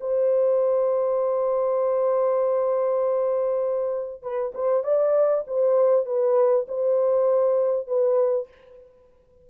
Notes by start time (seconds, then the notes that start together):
0.00 C5
4.22 B4
4.54 C5
4.83 D5
5.47 C5
6.05 B4
6.67 C5
7.87 B4